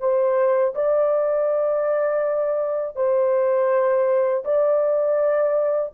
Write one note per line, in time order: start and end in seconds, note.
0.00 0.74 C5
0.75 2.96 D5
2.96 4.44 C5
4.45 5.93 D5